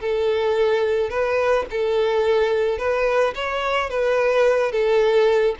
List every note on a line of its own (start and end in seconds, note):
0.00 1.10 A4
1.10 1.65 B4
1.70 2.78 A4
2.78 3.34 B4
3.35 3.90 C#5
3.90 4.72 B4
4.72 5.55 A4